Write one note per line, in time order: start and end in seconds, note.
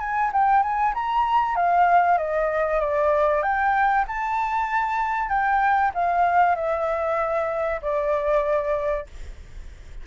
0.00 0.31 G#5
0.33 0.63 G5
0.63 0.94 G#5
0.94 1.56 A#5
1.56 2.18 F5
2.18 2.80 D#5
2.80 3.43 D5
3.43 4.05 G5
4.07 5.29 A5
5.29 5.92 G5
5.94 6.56 F5
6.56 7.81 E5
7.82 9.07 D5